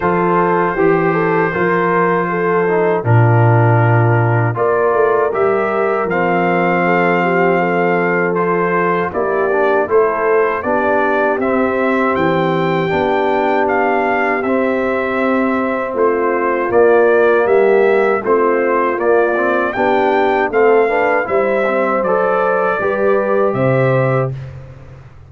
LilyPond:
<<
  \new Staff \with { instrumentName = "trumpet" } { \time 4/4 \tempo 4 = 79 c''1 | ais'2 d''4 e''4 | f''2. c''4 | d''4 c''4 d''4 e''4 |
g''2 f''4 e''4~ | e''4 c''4 d''4 e''4 | c''4 d''4 g''4 f''4 | e''4 d''2 e''4 | }
  \new Staff \with { instrumentName = "horn" } { \time 4/4 a'4 g'8 a'8 ais'4 a'4 | f'2 ais'2~ | ais'4 a'8 g'8 a'2 | g'4 a'4 g'2~ |
g'1~ | g'4 f'2 g'4 | f'2 g'4 a'8 b'8 | c''2 b'4 c''4 | }
  \new Staff \with { instrumentName = "trombone" } { \time 4/4 f'4 g'4 f'4. dis'8 | d'2 f'4 g'4 | c'2. f'4 | e'8 d'8 e'4 d'4 c'4~ |
c'4 d'2 c'4~ | c'2 ais2 | c'4 ais8 c'8 d'4 c'8 d'8 | e'8 c'8 a'4 g'2 | }
  \new Staff \with { instrumentName = "tuba" } { \time 4/4 f4 e4 f2 | ais,2 ais8 a8 g4 | f1 | ais4 a4 b4 c'4 |
e4 b2 c'4~ | c'4 a4 ais4 g4 | a4 ais4 b4 a4 | g4 fis4 g4 c4 | }
>>